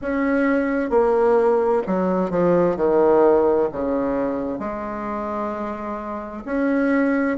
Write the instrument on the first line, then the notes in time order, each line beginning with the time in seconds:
bassoon
0.01 C#4
0.90 A#3
1.86 F#3
2.30 F3
2.76 D#3
3.72 C#3
4.59 G#3
6.45 C#4